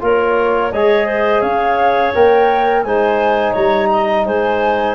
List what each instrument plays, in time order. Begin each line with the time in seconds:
0.00 tuba A#3, trombone F4, clarinet A#4, flute C#5
0.72 tuba G#3, trombone G#4, clarinet C#5, flute D#5
1.06 clarinet C5
1.41 tuba C#4, clarinet C#5, flute F5
2.14 tuba A#3, trombone A#4, flute G5
2.83 tuba G#3, trombone D#4, clarinet C5, flute G#5
3.52 tuba G3, clarinet C#5, flute A#5
3.92 clarinet D#5
4.26 tuba G#3, clarinet C5, flute G#5